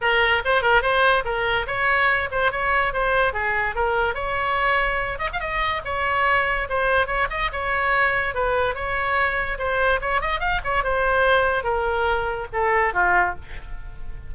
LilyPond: \new Staff \with { instrumentName = "oboe" } { \time 4/4 \tempo 4 = 144 ais'4 c''8 ais'8 c''4 ais'4 | cis''4. c''8 cis''4 c''4 | gis'4 ais'4 cis''2~ | cis''8 dis''16 f''16 dis''4 cis''2 |
c''4 cis''8 dis''8 cis''2 | b'4 cis''2 c''4 | cis''8 dis''8 f''8 cis''8 c''2 | ais'2 a'4 f'4 | }